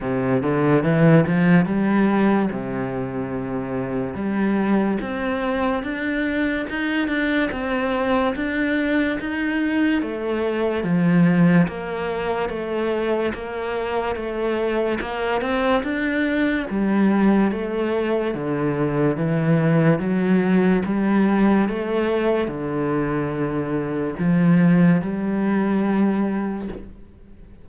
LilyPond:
\new Staff \with { instrumentName = "cello" } { \time 4/4 \tempo 4 = 72 c8 d8 e8 f8 g4 c4~ | c4 g4 c'4 d'4 | dis'8 d'8 c'4 d'4 dis'4 | a4 f4 ais4 a4 |
ais4 a4 ais8 c'8 d'4 | g4 a4 d4 e4 | fis4 g4 a4 d4~ | d4 f4 g2 | }